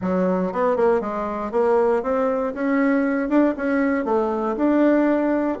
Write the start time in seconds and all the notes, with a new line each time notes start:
0.01 F#3
0.52 B3
0.76 A#3
1.00 G#3
1.51 A#3
2.02 C4
2.54 C#4
3.29 D4
3.56 C#4
4.04 A3
4.56 D4